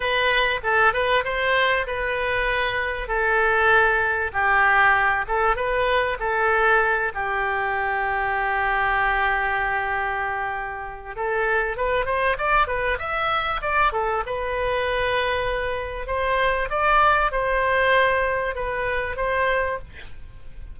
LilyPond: \new Staff \with { instrumentName = "oboe" } { \time 4/4 \tempo 4 = 97 b'4 a'8 b'8 c''4 b'4~ | b'4 a'2 g'4~ | g'8 a'8 b'4 a'4. g'8~ | g'1~ |
g'2 a'4 b'8 c''8 | d''8 b'8 e''4 d''8 a'8 b'4~ | b'2 c''4 d''4 | c''2 b'4 c''4 | }